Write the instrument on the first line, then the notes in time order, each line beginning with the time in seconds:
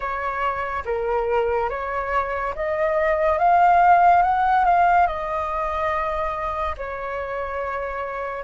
flute
0.00 C#5
0.85 A#4
1.69 C#5
2.55 D#5
3.38 F5
4.22 F#5
4.64 F5
5.06 D#5
6.77 C#5